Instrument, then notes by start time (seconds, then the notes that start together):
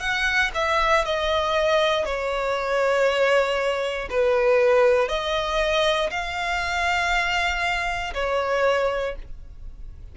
violin
0.00 F#5
0.55 E5
1.05 D#5
2.05 C#5
4.10 B4
5.08 D#5
6.10 F5
8.14 C#5